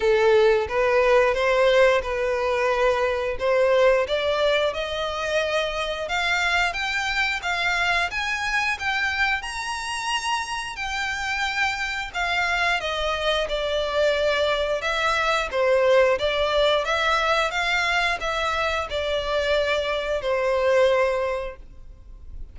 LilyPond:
\new Staff \with { instrumentName = "violin" } { \time 4/4 \tempo 4 = 89 a'4 b'4 c''4 b'4~ | b'4 c''4 d''4 dis''4~ | dis''4 f''4 g''4 f''4 | gis''4 g''4 ais''2 |
g''2 f''4 dis''4 | d''2 e''4 c''4 | d''4 e''4 f''4 e''4 | d''2 c''2 | }